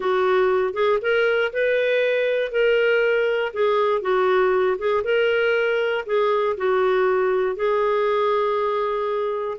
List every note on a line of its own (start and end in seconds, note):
0.00 0.73 F#4
0.73 0.98 G#4
1.01 1.52 A#4
1.52 2.51 B4
2.51 3.52 A#4
3.53 4.01 G#4
4.01 4.77 F#4
4.78 5.03 G#4
5.04 6.04 A#4
6.05 6.56 G#4
6.57 7.56 F#4
7.56 9.57 G#4